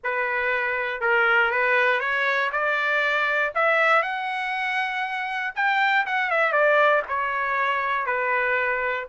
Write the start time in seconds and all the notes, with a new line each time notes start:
0.03 B4
1.01 A#4
1.51 B4
2.00 C#5
2.52 D5
3.54 E5
4.02 F#5
5.55 G5
6.06 F#5
6.30 E5
6.52 D5
7.08 C#5
8.06 B4